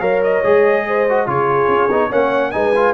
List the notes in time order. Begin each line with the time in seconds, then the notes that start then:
0.00 F#3 A#4 C#5 F5
0.23 D#5
0.43 G#3 G#4
0.87 C5
1.09 F#4
1.26 C#3 F4 G#4 C#5
1.68 C#4
1.88 B3 D#4
2.08 A#3 C#4 C#5 F#5
2.51 G#3 D#4 B4 G#5
2.75 F4